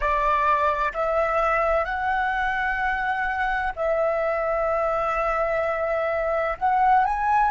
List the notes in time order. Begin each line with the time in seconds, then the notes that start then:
0.00 D5
0.93 E5
1.85 F#5
3.76 E5
6.58 F#5
7.04 G#5